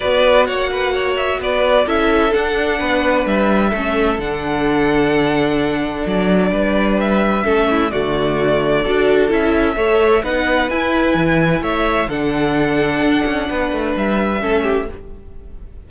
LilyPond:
<<
  \new Staff \with { instrumentName = "violin" } { \time 4/4 \tempo 4 = 129 d''4 fis''4. e''8 d''4 | e''4 fis''2 e''4~ | e''4 fis''2.~ | fis''4 d''2 e''4~ |
e''4 d''2. | e''2 fis''4 gis''4~ | gis''4 e''4 fis''2~ | fis''2 e''2 | }
  \new Staff \with { instrumentName = "violin" } { \time 4/4 b'4 cis''8 b'8 cis''4 b'4 | a'2 b'2 | a'1~ | a'2 b'2 |
a'8 e'8 fis'2 a'4~ | a'4 cis''4 b'2~ | b'4 cis''4 a'2~ | a'4 b'2 a'8 g'8 | }
  \new Staff \with { instrumentName = "viola" } { \time 4/4 fis'1 | e'4 d'2. | cis'4 d'2.~ | d'1 |
cis'4 a2 fis'4 | e'4 a'4 dis'4 e'4~ | e'2 d'2~ | d'2. cis'4 | }
  \new Staff \with { instrumentName = "cello" } { \time 4/4 b4 ais2 b4 | cis'4 d'4 b4 g4 | a4 d2.~ | d4 fis4 g2 |
a4 d2 d'4 | cis'4 a4 b4 e'4 | e4 a4 d2 | d'8 cis'8 b8 a8 g4 a4 | }
>>